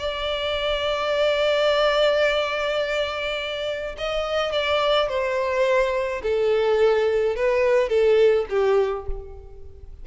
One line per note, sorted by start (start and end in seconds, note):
0.00 3.96 D5
3.98 4.53 D#5
4.53 5.09 D5
5.09 6.22 C5
6.23 7.36 A4
7.36 7.90 B4
7.90 8.46 A4
8.50 9.07 G4